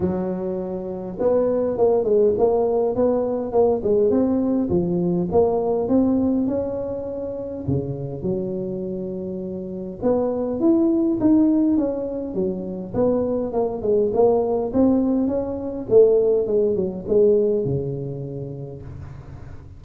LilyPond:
\new Staff \with { instrumentName = "tuba" } { \time 4/4 \tempo 4 = 102 fis2 b4 ais8 gis8 | ais4 b4 ais8 gis8 c'4 | f4 ais4 c'4 cis'4~ | cis'4 cis4 fis2~ |
fis4 b4 e'4 dis'4 | cis'4 fis4 b4 ais8 gis8 | ais4 c'4 cis'4 a4 | gis8 fis8 gis4 cis2 | }